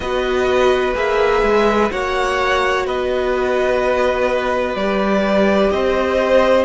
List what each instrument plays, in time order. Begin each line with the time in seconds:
0.00 cello B3, viola F#4, violin B4 D#5
0.94 cello A#3, viola G#4, violin E5
1.42 cello G#3
1.89 cello A#3, viola F#4, violin C#5 F#5
2.86 cello B3, violin B4 D#5
4.75 cello G3, viola G4, violin D5
5.70 cello C4, violin C5 D#5